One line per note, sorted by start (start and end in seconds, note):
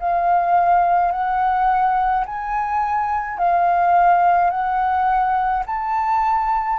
0.00 1.12 F5
1.12 2.25 F#5
2.26 3.38 G#5
3.38 4.50 F5
4.50 5.63 F#5
5.66 6.79 A5